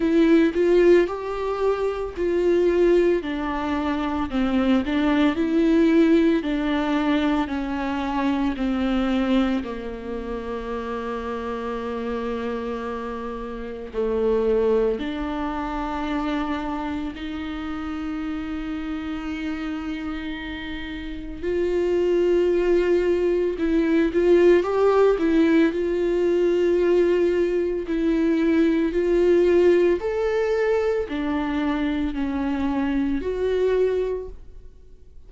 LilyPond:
\new Staff \with { instrumentName = "viola" } { \time 4/4 \tempo 4 = 56 e'8 f'8 g'4 f'4 d'4 | c'8 d'8 e'4 d'4 cis'4 | c'4 ais2.~ | ais4 a4 d'2 |
dis'1 | f'2 e'8 f'8 g'8 e'8 | f'2 e'4 f'4 | a'4 d'4 cis'4 fis'4 | }